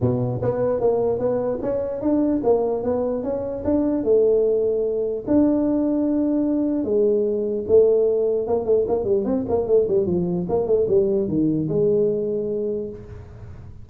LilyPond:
\new Staff \with { instrumentName = "tuba" } { \time 4/4 \tempo 4 = 149 b,4 b4 ais4 b4 | cis'4 d'4 ais4 b4 | cis'4 d'4 a2~ | a4 d'2.~ |
d'4 gis2 a4~ | a4 ais8 a8 ais8 g8 c'8 ais8 | a8 g8 f4 ais8 a8 g4 | dis4 gis2. | }